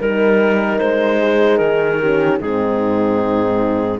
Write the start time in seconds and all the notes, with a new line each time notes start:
0.00 G3 D#4 A#4
0.79 G#3 C5
1.21 G#4
1.58 D#3 A#4
2.01 C#4 G4
2.40 G#2 C4 D#4 G#4